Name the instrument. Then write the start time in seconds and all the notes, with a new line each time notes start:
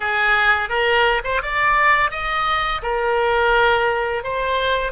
oboe
0.00 G#4
0.69 A#4
1.24 C5
1.41 D5
2.10 D#5
2.82 A#4
4.23 C5